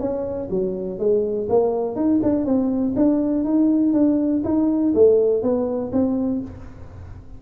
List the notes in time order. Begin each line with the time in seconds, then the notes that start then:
0.00 C#4
0.51 F#3
0.99 G#3
1.50 A#3
1.96 D#4
2.23 D4
2.46 C4
2.96 D4
3.45 D#4
3.94 D4
4.45 D#4
4.95 A3
5.43 B3
5.93 C4